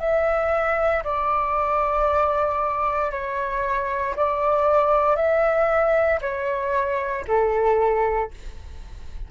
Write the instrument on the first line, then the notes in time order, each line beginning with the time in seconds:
flute
0.00 E5
1.04 D5
3.12 C#5
4.16 D5
5.16 E5
6.22 C#5
7.28 A4